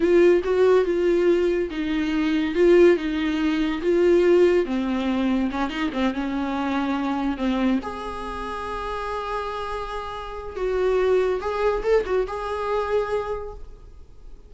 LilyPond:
\new Staff \with { instrumentName = "viola" } { \time 4/4 \tempo 4 = 142 f'4 fis'4 f'2 | dis'2 f'4 dis'4~ | dis'4 f'2 c'4~ | c'4 cis'8 dis'8 c'8 cis'4.~ |
cis'4. c'4 gis'4.~ | gis'1~ | gis'4 fis'2 gis'4 | a'8 fis'8 gis'2. | }